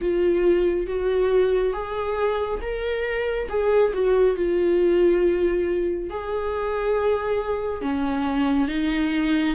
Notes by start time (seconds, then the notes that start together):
0.01 F4
0.87 F#4
1.73 G#4
2.61 A#4
3.49 G#4
3.93 F#4
4.36 F4
6.09 G#4
7.81 C#4
8.68 D#4